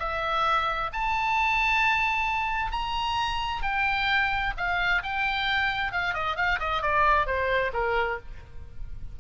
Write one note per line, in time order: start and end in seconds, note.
0.00 0.91 E5
0.93 2.72 A5
2.72 3.63 A#5
3.63 4.54 G5
4.57 5.03 F5
5.03 5.93 G5
5.93 6.14 F5
6.14 6.37 D#5
6.37 6.60 F5
6.60 6.82 D#5
6.82 7.27 D5
7.27 7.72 C5
7.74 8.19 A#4